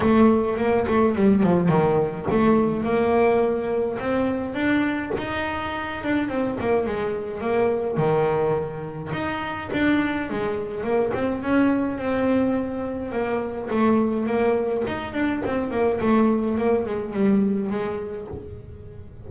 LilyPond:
\new Staff \with { instrumentName = "double bass" } { \time 4/4 \tempo 4 = 105 a4 ais8 a8 g8 f8 dis4 | a4 ais2 c'4 | d'4 dis'4. d'8 c'8 ais8 | gis4 ais4 dis2 |
dis'4 d'4 gis4 ais8 c'8 | cis'4 c'2 ais4 | a4 ais4 dis'8 d'8 c'8 ais8 | a4 ais8 gis8 g4 gis4 | }